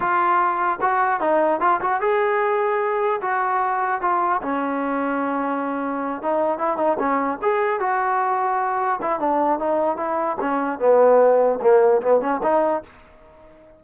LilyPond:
\new Staff \with { instrumentName = "trombone" } { \time 4/4 \tempo 4 = 150 f'2 fis'4 dis'4 | f'8 fis'8 gis'2. | fis'2 f'4 cis'4~ | cis'2.~ cis'8 dis'8~ |
dis'8 e'8 dis'8 cis'4 gis'4 fis'8~ | fis'2~ fis'8 e'8 d'4 | dis'4 e'4 cis'4 b4~ | b4 ais4 b8 cis'8 dis'4 | }